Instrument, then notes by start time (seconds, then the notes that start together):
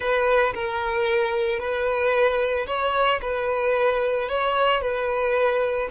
violin
0.00 B4
0.54 A#4
1.59 B4
2.66 C#5
3.21 B4
4.28 C#5
4.81 B4